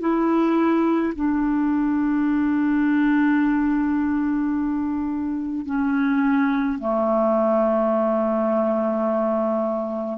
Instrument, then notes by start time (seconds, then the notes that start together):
clarinet
0.00 E4
1.15 D4
5.66 C#4
6.78 A3